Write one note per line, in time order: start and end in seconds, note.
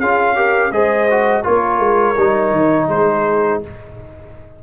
0.00 0.71 C#4
0.00 0.36 F4
0.00 0.36 G#4
0.00 0.72 F5
0.36 0.72 G4
0.36 0.73 A#4
0.71 1.44 G#3
0.71 1.09 G#4
0.71 1.44 C5
0.71 1.45 D#5
1.11 1.43 F#4
1.43 1.79 A#3
1.43 2.16 F4
1.43 2.88 A#4
1.43 2.89 C#5
1.79 2.15 G#3
2.17 2.52 G3
2.17 3.63 D#4
2.52 2.88 D#3
2.88 3.61 G#3
2.88 3.63 G#4
2.88 3.61 C5